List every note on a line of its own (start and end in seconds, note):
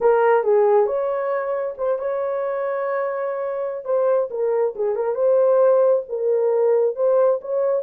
0.00 0.43 A#4
0.43 0.86 G#4
0.86 1.74 C#5
1.77 1.98 C5
1.98 3.85 C#5
3.85 4.29 C5
4.30 4.74 A#4
4.75 4.95 G#4
4.95 5.14 A#4
5.14 6.03 C5
6.09 6.95 A#4
6.95 7.39 C5
7.41 7.82 C#5